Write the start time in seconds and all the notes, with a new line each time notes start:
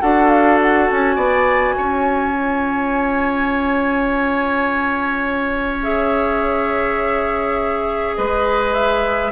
0.00 D4 F#4 A4 F#5
0.29 F5
0.62 F#5
0.90 C#4 G#5
1.16 B3 D5
1.77 C#4 C#5
2.33 F4
5.83 G#4 E5
8.15 G#3 B4 D#5
8.74 E5